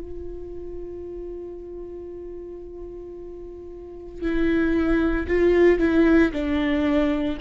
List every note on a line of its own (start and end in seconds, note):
0.00 4.21 F4
4.22 5.27 E4
5.27 5.79 F4
5.79 6.32 E4
6.32 7.37 D4